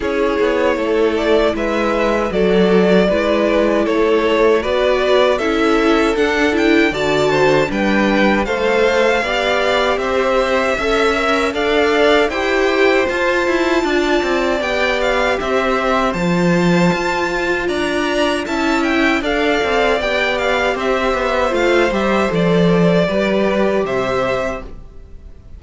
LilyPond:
<<
  \new Staff \with { instrumentName = "violin" } { \time 4/4 \tempo 4 = 78 cis''4. d''8 e''4 d''4~ | d''4 cis''4 d''4 e''4 | fis''8 g''8 a''4 g''4 f''4~ | f''4 e''2 f''4 |
g''4 a''2 g''8 f''8 | e''4 a''2 ais''4 | a''8 g''8 f''4 g''8 f''8 e''4 | f''8 e''8 d''2 e''4 | }
  \new Staff \with { instrumentName = "violin" } { \time 4/4 gis'4 a'4 b'4 a'4 | b'4 a'4 b'4 a'4~ | a'4 d''8 c''8 b'4 c''4 | d''4 c''4 e''4 d''4 |
c''2 d''2 | c''2. d''4 | e''4 d''2 c''4~ | c''2 b'4 c''4 | }
  \new Staff \with { instrumentName = "viola" } { \time 4/4 e'2. fis'4 | e'2 fis'4 e'4 | d'8 e'8 fis'4 d'4 a'4 | g'2 a'8 ais'8 a'4 |
g'4 f'2 g'4~ | g'4 f'2. | e'4 a'4 g'2 | f'8 g'8 a'4 g'2 | }
  \new Staff \with { instrumentName = "cello" } { \time 4/4 cis'8 b8 a4 gis4 fis4 | gis4 a4 b4 cis'4 | d'4 d4 g4 a4 | b4 c'4 cis'4 d'4 |
e'4 f'8 e'8 d'8 c'8 b4 | c'4 f4 f'4 d'4 | cis'4 d'8 c'8 b4 c'8 b8 | a8 g8 f4 g4 c4 | }
>>